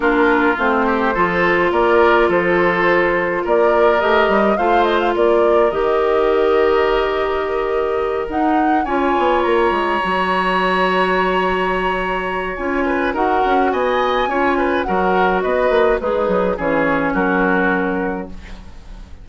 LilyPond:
<<
  \new Staff \with { instrumentName = "flute" } { \time 4/4 \tempo 4 = 105 ais'4 c''2 d''4 | c''2 d''4 dis''4 | f''8 dis''16 f''16 d''4 dis''2~ | dis''2~ dis''8 fis''4 gis''8~ |
gis''8 ais''2.~ ais''8~ | ais''2 gis''4 fis''4 | gis''2 fis''4 dis''4 | b'4 cis''4 ais'2 | }
  \new Staff \with { instrumentName = "oboe" } { \time 4/4 f'4. g'8 a'4 ais'4 | a'2 ais'2 | c''4 ais'2.~ | ais'2.~ ais'8 cis''8~ |
cis''1~ | cis''2~ cis''8 b'8 ais'4 | dis''4 cis''8 b'8 ais'4 b'4 | dis'4 gis'4 fis'2 | }
  \new Staff \with { instrumentName = "clarinet" } { \time 4/4 d'4 c'4 f'2~ | f'2. g'4 | f'2 g'2~ | g'2~ g'8 dis'4 f'8~ |
f'4. fis'2~ fis'8~ | fis'2 f'4 fis'4~ | fis'4 f'4 fis'2 | gis'4 cis'2. | }
  \new Staff \with { instrumentName = "bassoon" } { \time 4/4 ais4 a4 f4 ais4 | f2 ais4 a8 g8 | a4 ais4 dis2~ | dis2~ dis8 dis'4 cis'8 |
b8 ais8 gis8 fis2~ fis8~ | fis2 cis'4 dis'8 cis'8 | b4 cis'4 fis4 b8 ais8 | gis8 fis8 e4 fis2 | }
>>